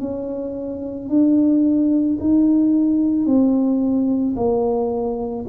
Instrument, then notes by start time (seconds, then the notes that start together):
tuba
0.00 C#4
1.09 D4
2.20 D#4
3.26 C4
4.36 A#3